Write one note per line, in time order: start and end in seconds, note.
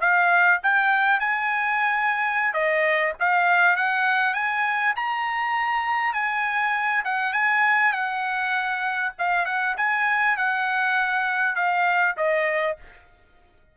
0.00 0.60 F5
0.63 1.19 G5
1.19 2.53 G#5
2.53 3.13 D#5
3.19 3.76 F5
3.76 4.33 F#5
4.33 4.93 G#5
4.95 6.13 A#5
6.13 7.03 G#5
7.04 7.33 F#5
7.33 7.92 G#5
7.92 9.12 F#5
9.18 9.45 F5
9.45 9.75 F#5
9.76 10.37 G#5
10.37 11.55 F#5
11.55 12.15 F5
12.17 12.77 D#5